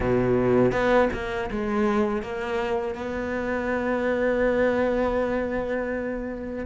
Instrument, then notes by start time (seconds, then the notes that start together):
cello
0.00 B2
0.71 B3
1.13 A#3
1.50 G#3
2.22 A#3
2.95 B3